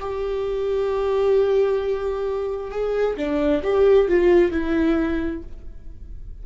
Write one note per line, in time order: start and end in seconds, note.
0.00 2.71 G4
2.71 3.17 G#4
3.17 3.62 D4
3.63 4.08 G4
4.08 4.52 F4
4.52 5.43 E4